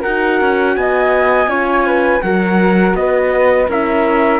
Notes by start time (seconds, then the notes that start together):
0.00 D#4 F#4 A#4 F#5
0.41 C#4
0.75 B3 D#5 G#5
1.47 C#4 F4 C#5
1.86 B4
2.22 F#3 F#4 A#4 F#5
2.93 B3 B4 D#5
3.68 C#4 E4 A#4 E5